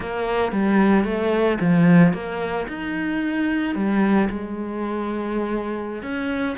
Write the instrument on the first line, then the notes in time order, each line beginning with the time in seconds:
cello
0.00 A#3
0.52 G3
1.04 A3
1.60 F3
2.13 A#3
2.68 D#4
3.75 G3
4.29 G#3
6.02 C#4